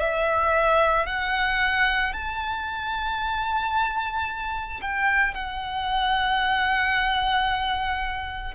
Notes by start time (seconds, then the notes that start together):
0.00 E5
1.07 F#5
2.13 A5
4.82 G5
5.34 F#5